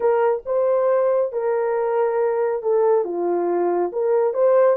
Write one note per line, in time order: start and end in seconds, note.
0.00 0.42 A#4
0.45 1.32 C5
1.32 2.62 A#4
2.62 3.04 A4
3.04 3.91 F4
3.92 4.33 A#4
4.33 4.76 C5